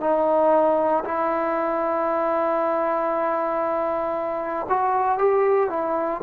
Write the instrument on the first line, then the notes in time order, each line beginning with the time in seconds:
trombone
0.00 D#4
1.04 E4
4.69 F#4
5.18 G4
5.69 E4